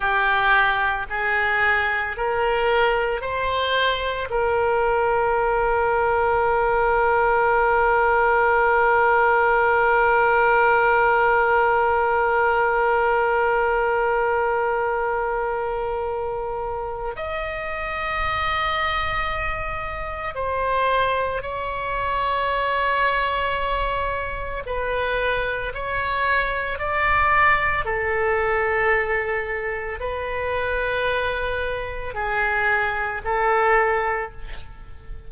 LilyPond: \new Staff \with { instrumentName = "oboe" } { \time 4/4 \tempo 4 = 56 g'4 gis'4 ais'4 c''4 | ais'1~ | ais'1~ | ais'1 |
dis''2. c''4 | cis''2. b'4 | cis''4 d''4 a'2 | b'2 gis'4 a'4 | }